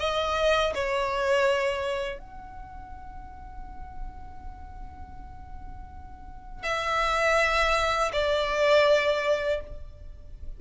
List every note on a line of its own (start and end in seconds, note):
0.00 0.74 D#5
0.75 2.20 C#5
2.20 6.64 F#5
6.64 8.12 E5
8.13 9.61 D5